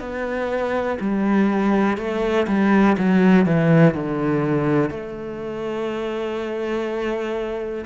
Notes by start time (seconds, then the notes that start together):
0.00 B3
1.01 G3
1.98 A3
2.48 G3
2.98 F#3
3.46 E3
3.94 D3
4.90 A3